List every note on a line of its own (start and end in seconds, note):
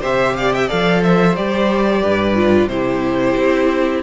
0.00 0.70 C3
0.00 0.68 G4
0.00 0.33 C5
0.00 0.36 E5
0.36 0.55 D5
0.36 0.52 F5
0.53 0.67 E5
0.53 0.69 G5
0.67 1.36 F3
0.67 1.35 A4
0.67 1.00 D5
0.67 1.02 F5
1.02 2.02 C5
1.02 1.35 E5
1.35 2.03 G3
1.35 2.35 G4
1.35 2.68 D5
2.02 2.67 G2
2.02 2.68 B4
2.35 2.68 F4
2.67 3.34 C3
2.67 4.02 E4
2.67 4.02 G4
2.67 4.01 C5
3.37 4.02 C4